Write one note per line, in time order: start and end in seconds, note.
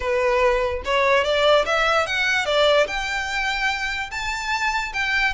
0.00 0.82 B4
0.84 1.24 C#5
1.24 1.65 D5
1.65 2.06 E5
2.06 2.45 F#5
2.45 2.86 D5
2.87 4.10 G5
4.10 4.92 A5
4.93 5.33 G5